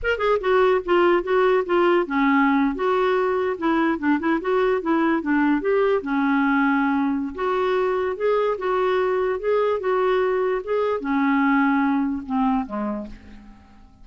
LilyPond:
\new Staff \with { instrumentName = "clarinet" } { \time 4/4 \tempo 4 = 147 ais'8 gis'8 fis'4 f'4 fis'4 | f'4 cis'4.~ cis'16 fis'4~ fis'16~ | fis'8. e'4 d'8 e'8 fis'4 e'16~ | e'8. d'4 g'4 cis'4~ cis'16~ |
cis'2 fis'2 | gis'4 fis'2 gis'4 | fis'2 gis'4 cis'4~ | cis'2 c'4 gis4 | }